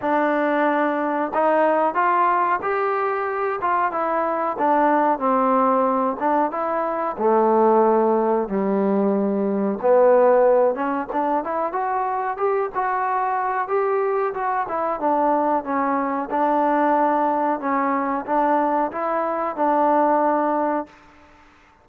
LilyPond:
\new Staff \with { instrumentName = "trombone" } { \time 4/4 \tempo 4 = 92 d'2 dis'4 f'4 | g'4. f'8 e'4 d'4 | c'4. d'8 e'4 a4~ | a4 g2 b4~ |
b8 cis'8 d'8 e'8 fis'4 g'8 fis'8~ | fis'4 g'4 fis'8 e'8 d'4 | cis'4 d'2 cis'4 | d'4 e'4 d'2 | }